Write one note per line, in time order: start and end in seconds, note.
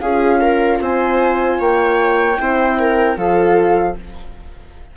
0.00 0.80 C#4
0.00 2.38 F4
0.00 0.41 G#4
0.00 0.79 F5
0.41 0.80 A#4
0.80 1.59 C4
0.80 1.60 C5
0.80 1.61 G#5
1.60 2.39 A#3
1.60 2.38 C#5
1.60 3.18 G5
2.38 3.17 C4
2.38 3.16 E4
2.38 2.79 C5
2.79 3.18 A#4
3.16 3.96 F3
3.16 3.95 F4
3.16 3.97 A4
3.16 3.97 F5